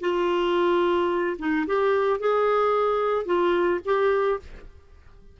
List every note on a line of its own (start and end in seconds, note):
0.00 1.36 F4
1.39 1.66 D#4
1.66 2.19 G4
2.19 3.25 G#4
3.25 3.80 F4
3.85 4.39 G4